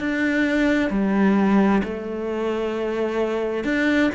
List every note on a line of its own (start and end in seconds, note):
0.00 0.90 D4
0.90 1.83 G3
1.84 3.65 A3
3.65 4.11 D4